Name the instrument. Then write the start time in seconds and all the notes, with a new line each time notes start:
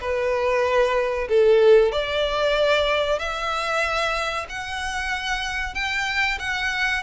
violin
0.00 B4
1.29 A4
1.92 D5
3.19 E5
4.49 F#5
5.74 G5
6.39 F#5